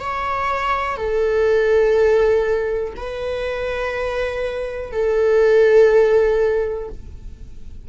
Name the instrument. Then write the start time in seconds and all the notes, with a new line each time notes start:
viola
0.00 C#5
0.97 A4
2.96 B4
4.92 A4